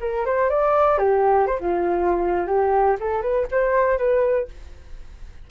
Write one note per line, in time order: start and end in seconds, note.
0.00 0.25 A#4
0.25 0.49 C5
0.49 0.98 D5
0.98 1.46 G4
1.46 1.59 C5
1.59 2.46 F4
2.46 2.96 G4
3.00 3.22 A4
3.22 3.47 B4
3.50 3.98 C5
3.98 4.48 B4